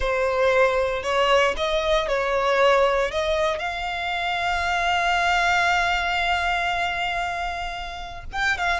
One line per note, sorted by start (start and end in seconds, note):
0.00 1.03 C5
1.03 1.54 C#5
1.57 2.08 D#5
2.08 3.11 C#5
3.11 3.58 D#5
3.58 8.24 F5
8.32 8.57 G5
8.57 8.80 F5